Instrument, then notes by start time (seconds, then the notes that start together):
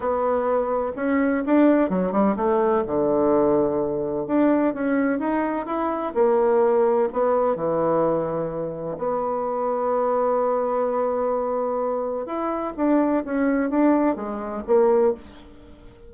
bassoon
0.00 B3
0.96 C#4
1.45 D4
1.89 F#3
2.12 G3
2.36 A3
2.86 D3
4.26 D4
4.74 C#4
5.19 D#4
5.65 E4
6.14 A#3
7.13 B3
7.55 E3
8.98 B3
12.26 E4
12.76 D4
13.24 C#4
13.69 D4
14.15 G#3
14.66 A#3